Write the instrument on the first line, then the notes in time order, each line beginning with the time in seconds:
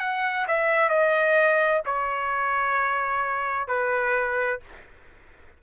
trumpet
0.00 F#5
0.47 E5
0.89 D#5
1.86 C#5
3.68 B4